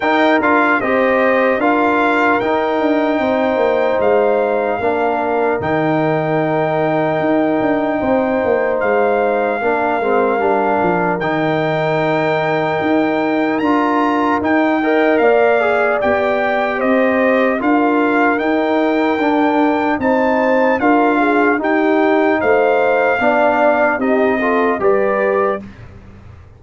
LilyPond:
<<
  \new Staff \with { instrumentName = "trumpet" } { \time 4/4 \tempo 4 = 75 g''8 f''8 dis''4 f''4 g''4~ | g''4 f''2 g''4~ | g''2. f''4~ | f''2 g''2~ |
g''4 ais''4 g''4 f''4 | g''4 dis''4 f''4 g''4~ | g''4 a''4 f''4 g''4 | f''2 dis''4 d''4 | }
  \new Staff \with { instrumentName = "horn" } { \time 4/4 ais'4 c''4 ais'2 | c''2 ais'2~ | ais'2 c''2 | ais'1~ |
ais'2~ ais'8 dis''8 d''4~ | d''4 c''4 ais'2~ | ais'4 c''4 ais'8 gis'8 g'4 | c''4 d''4 g'8 a'8 b'4 | }
  \new Staff \with { instrumentName = "trombone" } { \time 4/4 dis'8 f'8 g'4 f'4 dis'4~ | dis'2 d'4 dis'4~ | dis'1 | d'8 c'8 d'4 dis'2~ |
dis'4 f'4 dis'8 ais'4 gis'8 | g'2 f'4 dis'4 | d'4 dis'4 f'4 dis'4~ | dis'4 d'4 dis'8 f'8 g'4 | }
  \new Staff \with { instrumentName = "tuba" } { \time 4/4 dis'8 d'8 c'4 d'4 dis'8 d'8 | c'8 ais8 gis4 ais4 dis4~ | dis4 dis'8 d'8 c'8 ais8 gis4 | ais8 gis8 g8 f8 dis2 |
dis'4 d'4 dis'4 ais4 | b4 c'4 d'4 dis'4 | d'4 c'4 d'4 dis'4 | a4 b4 c'4 g4 | }
>>